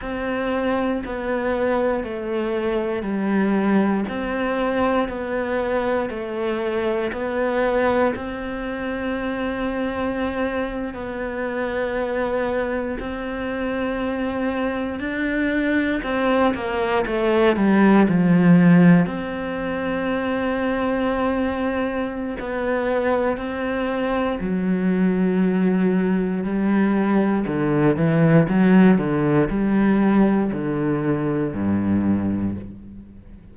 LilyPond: \new Staff \with { instrumentName = "cello" } { \time 4/4 \tempo 4 = 59 c'4 b4 a4 g4 | c'4 b4 a4 b4 | c'2~ c'8. b4~ b16~ | b8. c'2 d'4 c'16~ |
c'16 ais8 a8 g8 f4 c'4~ c'16~ | c'2 b4 c'4 | fis2 g4 d8 e8 | fis8 d8 g4 d4 g,4 | }